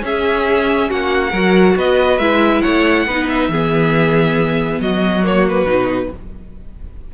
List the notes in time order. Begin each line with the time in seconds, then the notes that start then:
0.00 C#4 G#4 E5
0.90 A#3 F#4 F#5
1.31 F#3 F#4 A#4
1.76 B3 B4 D#5
2.18 G#3 E4 E5
2.62 A3 C#5 F#5
3.06 B3 D#4 B4
3.29 E5
3.49 E3 B3 G#4
4.79 F#3 F#4 D#5
5.23 A#3 C#5
5.49 B4
5.66 B2 D#4